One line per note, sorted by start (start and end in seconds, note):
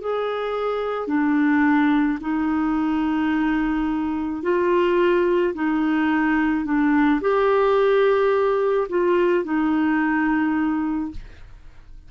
0.00 1.07 G#4
1.07 2.18 D4
2.20 4.42 D#4
4.42 5.53 F4
5.54 6.65 D#4
6.65 7.20 D4
7.21 8.87 G4
8.89 9.44 F4
9.44 11.11 D#4